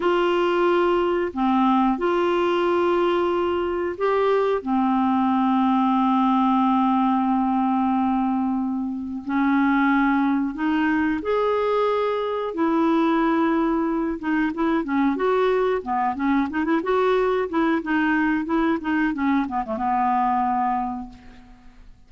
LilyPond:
\new Staff \with { instrumentName = "clarinet" } { \time 4/4 \tempo 4 = 91 f'2 c'4 f'4~ | f'2 g'4 c'4~ | c'1~ | c'2 cis'2 |
dis'4 gis'2 e'4~ | e'4. dis'8 e'8 cis'8 fis'4 | b8 cis'8 dis'16 e'16 fis'4 e'8 dis'4 | e'8 dis'8 cis'8 b16 a16 b2 | }